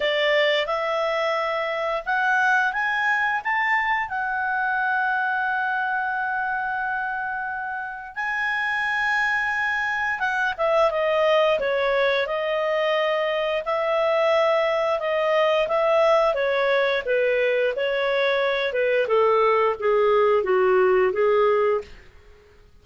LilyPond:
\new Staff \with { instrumentName = "clarinet" } { \time 4/4 \tempo 4 = 88 d''4 e''2 fis''4 | gis''4 a''4 fis''2~ | fis''1 | gis''2. fis''8 e''8 |
dis''4 cis''4 dis''2 | e''2 dis''4 e''4 | cis''4 b'4 cis''4. b'8 | a'4 gis'4 fis'4 gis'4 | }